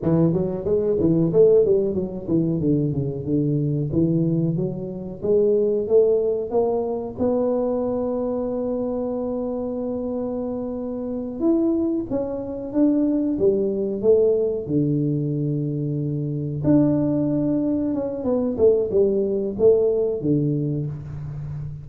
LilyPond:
\new Staff \with { instrumentName = "tuba" } { \time 4/4 \tempo 4 = 92 e8 fis8 gis8 e8 a8 g8 fis8 e8 | d8 cis8 d4 e4 fis4 | gis4 a4 ais4 b4~ | b1~ |
b4. e'4 cis'4 d'8~ | d'8 g4 a4 d4.~ | d4. d'2 cis'8 | b8 a8 g4 a4 d4 | }